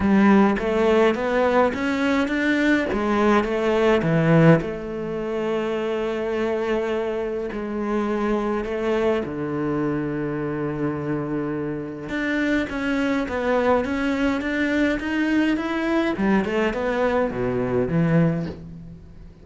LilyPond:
\new Staff \with { instrumentName = "cello" } { \time 4/4 \tempo 4 = 104 g4 a4 b4 cis'4 | d'4 gis4 a4 e4 | a1~ | a4 gis2 a4 |
d1~ | d4 d'4 cis'4 b4 | cis'4 d'4 dis'4 e'4 | g8 a8 b4 b,4 e4 | }